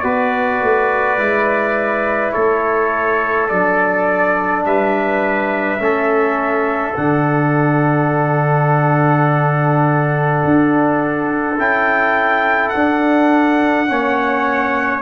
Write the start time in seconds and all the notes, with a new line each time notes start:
0.00 B3 F#4 B4 D5
0.61 A3
1.18 G#3 E4
2.32 A3 A4 C#5
3.49 F#3 D4 D5
4.65 G3 B4 E5
5.78 A3 C#4 A4
6.94 D3 D4 F#5
10.44 D4
11.57 C#4 E4 G5
12.69 D4 F#5
13.87 A#3 C#4 C#5